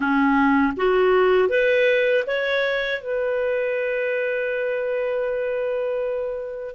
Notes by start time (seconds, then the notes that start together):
0.00 C#4
0.77 F#4
1.49 B4
2.26 C#5
3.01 B4